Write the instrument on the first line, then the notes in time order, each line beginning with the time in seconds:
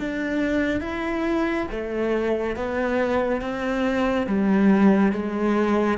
cello
0.00 D4
0.81 E4
1.71 A3
2.56 B3
3.42 C4
4.27 G3
5.13 G#3